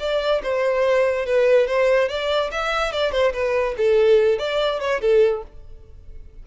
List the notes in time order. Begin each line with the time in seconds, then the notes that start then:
0.00 D5
0.44 C5
1.26 B4
1.67 C5
2.09 D5
2.52 E5
2.93 D5
3.12 C5
3.34 B4
3.78 A4
4.39 D5
4.81 C#5
5.02 A4